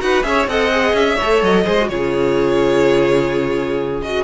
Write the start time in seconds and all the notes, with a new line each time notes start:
0.00 D#4 F#4 B4 F#5
0.23 C#4 G#4 C#5 E5
0.47 C4 A4 D#5 F#5
0.71 G#4
0.93 C#4 E5
1.15 C#5
1.22 A3 A4
1.42 F#3 D#5
1.64 G#3 G#4 C5
1.81 F#4
1.88 C#3 F4 G#4 C#5
4.02 F#4 D#5